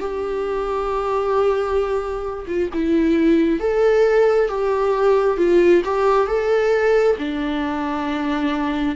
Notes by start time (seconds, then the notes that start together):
0.00 G4
2.48 F4
2.74 E4
3.60 A4
4.49 G4
5.38 F4
5.85 G4
6.28 A4
7.18 D4